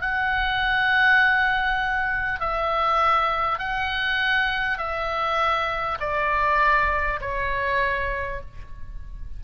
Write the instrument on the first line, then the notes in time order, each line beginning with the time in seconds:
oboe
0.00 F#5
2.40 E5
3.58 F#5
4.78 E5
6.00 D5
7.20 C#5